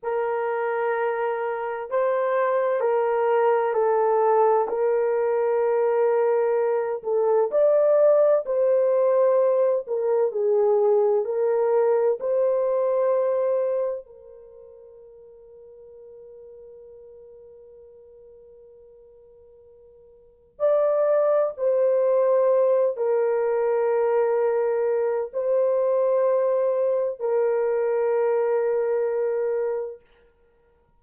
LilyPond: \new Staff \with { instrumentName = "horn" } { \time 4/4 \tempo 4 = 64 ais'2 c''4 ais'4 | a'4 ais'2~ ais'8 a'8 | d''4 c''4. ais'8 gis'4 | ais'4 c''2 ais'4~ |
ais'1~ | ais'2 d''4 c''4~ | c''8 ais'2~ ais'8 c''4~ | c''4 ais'2. | }